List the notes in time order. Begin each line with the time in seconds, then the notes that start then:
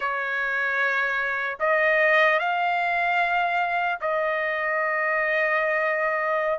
0.00 C#5
1.59 D#5
2.39 F5
4.00 D#5